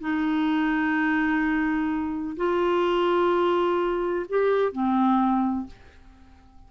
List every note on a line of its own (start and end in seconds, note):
0.00 2.36 D#4
2.37 4.26 F4
4.29 4.72 G4
4.72 5.67 C4